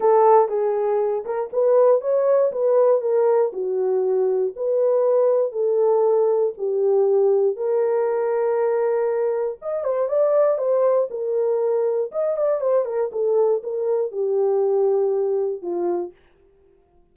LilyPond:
\new Staff \with { instrumentName = "horn" } { \time 4/4 \tempo 4 = 119 a'4 gis'4. ais'8 b'4 | cis''4 b'4 ais'4 fis'4~ | fis'4 b'2 a'4~ | a'4 g'2 ais'4~ |
ais'2. dis''8 c''8 | d''4 c''4 ais'2 | dis''8 d''8 c''8 ais'8 a'4 ais'4 | g'2. f'4 | }